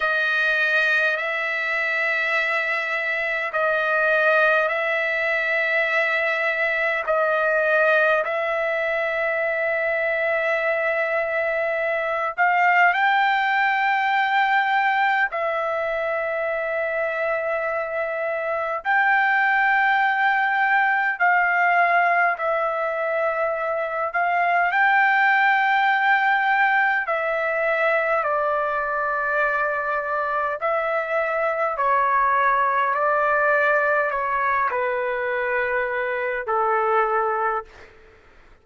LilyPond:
\new Staff \with { instrumentName = "trumpet" } { \time 4/4 \tempo 4 = 51 dis''4 e''2 dis''4 | e''2 dis''4 e''4~ | e''2~ e''8 f''8 g''4~ | g''4 e''2. |
g''2 f''4 e''4~ | e''8 f''8 g''2 e''4 | d''2 e''4 cis''4 | d''4 cis''8 b'4. a'4 | }